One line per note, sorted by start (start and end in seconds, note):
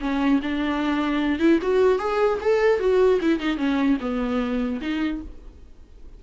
0.00 0.40 C#4
0.42 1.39 D4
1.39 1.59 E4
1.62 1.98 F#4
1.98 2.38 G#4
2.40 2.79 A4
2.79 3.19 F#4
3.21 3.39 E4
3.39 3.57 D#4
3.57 3.97 C#4
4.00 4.80 B3
4.81 5.21 D#4